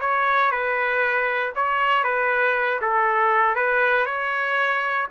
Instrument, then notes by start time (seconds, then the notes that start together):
trumpet
0.00 C#5
0.51 B4
1.55 C#5
2.04 B4
2.81 A4
3.55 B4
4.06 C#5